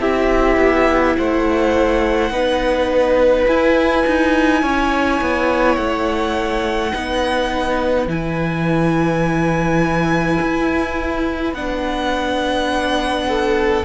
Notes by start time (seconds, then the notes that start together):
0.00 C4 E4 G4 E5
0.57 B3
1.18 A3 C5 F#5
2.31 B3 D#4 B4
3.47 E4 G#5
4.07 D#4
4.62 C#4 C#5
5.21 B3
5.76 A3 F#5
6.92 B3 D#4 B4
8.07 E3 E4 G#5
10.42 E4
11.54 B3 D4 F#5
13.29 A4